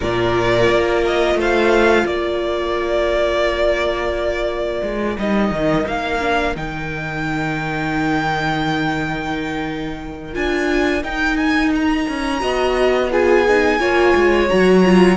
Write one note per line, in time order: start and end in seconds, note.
0.00 0.69 A#2
0.00 5.18 F4
0.00 1.38 A#4
0.00 1.04 D5
0.69 1.35 A#3
1.05 1.39 D#5
1.35 2.04 A3
1.35 2.06 C5
1.35 2.06 F5
2.05 4.81 A#3
2.05 12.40 A#4
2.05 5.17 D5
4.82 5.17 G#3
5.18 5.51 G3
5.18 6.20 D#4
5.18 5.87 D#5
5.51 5.85 D#3
5.86 6.55 A#3
5.86 6.56 F5
6.20 6.55 D4
6.55 10.35 D#3
6.55 10.33 D#4
6.55 10.34 G5
10.33 11.03 D4
10.33 11.02 F4
10.33 11.03 G#5
11.03 12.06 D#4
11.03 12.40 D#4
11.03 11.36 G5
11.36 11.71 G#5
11.75 13.12 A#5
12.08 12.42 C#4
12.40 13.79 B3
12.40 13.09 F#4
12.40 13.10 D#5
13.10 13.45 F4
13.10 13.80 G#4
13.10 14.48 G#5
13.48 13.79 D#4
13.79 14.13 A#3
13.79 14.48 F4
13.79 15.16 C#5
14.15 14.50 G#3
14.48 15.16 F#3
14.48 14.83 F#4
14.48 15.16 A#5
14.84 15.16 F4